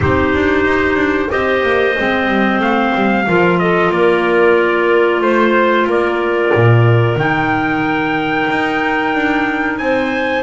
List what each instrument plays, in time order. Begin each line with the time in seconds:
0.00 double bass C4, clarinet D#4 G4, trumpet C5
0.34 double bass D4
0.65 double bass D#4
0.95 double bass D4
1.28 double bass C4, clarinet G4 C5, trumpet D#5
1.62 double bass A#3
1.98 double bass G#3, clarinet C4
2.27 double bass G3
2.59 double bass A3, trumpet F5
2.94 double bass G3
3.25 double bass F3, clarinet F4 A#4
3.58 clarinet A4, trumpet D#5
3.90 double bass A#3, clarinet A#4, trumpet D5
5.20 double bass A3, trumpet C5, clarinet C5
5.86 double bass A#3, clarinet A#4, trumpet D5
6.54 double bass A#2
7.15 double bass D#3, clarinet D#4, trumpet G5
8.49 double bass D#4
9.14 double bass D4
9.77 double bass C4, clarinet C5, trumpet G#5